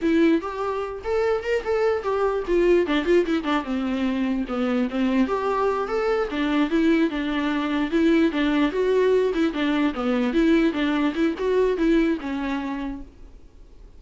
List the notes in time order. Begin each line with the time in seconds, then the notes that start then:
0.01 E4
0.41 G4
1.04 A4
1.43 A#4
1.64 A4
2.02 G4
2.47 F4
2.86 D4
3.05 F4
3.25 E4
3.43 D4
3.63 C4
4.47 B3
4.89 C4
5.27 G4
5.88 A4
6.30 D4
6.69 E4
7.10 D4
7.91 E4
8.31 D4
8.71 F#4
9.34 E4
9.53 D4
9.94 B3
10.33 E4
10.72 D4
11.14 E4
11.38 F#4
11.77 E4
12.20 C#4